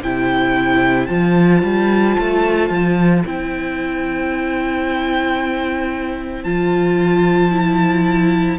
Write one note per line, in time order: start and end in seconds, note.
0.00 1.09 C3
0.00 1.08 E4
0.00 8.57 C5
0.00 1.06 G5
1.06 1.63 F3
1.06 3.23 F4
1.06 3.21 A5
1.63 2.16 G3
2.19 2.70 A3
2.70 3.23 F3
3.25 6.44 C4
3.25 6.45 E4
3.25 6.43 G5
6.43 8.58 F3
6.43 7.52 F4
6.43 8.58 A5
7.52 8.58 E4